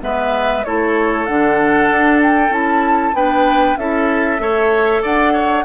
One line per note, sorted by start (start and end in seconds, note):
0.00 0.64 G#3
0.00 0.62 B3
0.00 0.66 B4
0.00 0.64 E5
0.64 1.28 A3
0.64 1.28 E4
0.64 3.16 A4
0.64 1.26 C#5
1.26 1.90 D3
1.26 2.50 D4
1.26 2.20 F#5
1.90 2.50 D4
2.22 2.53 G5
2.50 3.12 C#4
2.50 3.13 E4
2.50 3.15 A5
3.13 3.76 B3
3.13 3.78 D4
3.13 3.78 B4
3.13 3.77 G5
3.77 4.39 C#4
3.77 4.38 E4
3.77 4.42 A4
3.77 5.02 E5
4.38 5.02 A3
4.38 5.63 A4
4.38 5.02 C#5
5.02 5.65 D4
5.02 5.33 D5
5.02 5.65 F#5
5.33 5.64 C#5